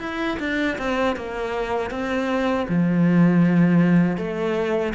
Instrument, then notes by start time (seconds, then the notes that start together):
cello
0.00 E4
0.40 D4
0.78 C4
1.16 A#3
1.91 C4
2.69 F3
4.17 A3